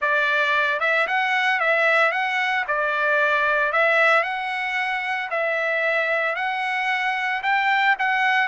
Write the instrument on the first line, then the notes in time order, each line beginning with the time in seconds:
trumpet
0.01 D5
0.80 E5
1.07 F#5
1.60 E5
2.11 F#5
2.67 D5
3.72 E5
4.23 F#5
5.30 E5
6.35 F#5
7.43 G5
7.98 F#5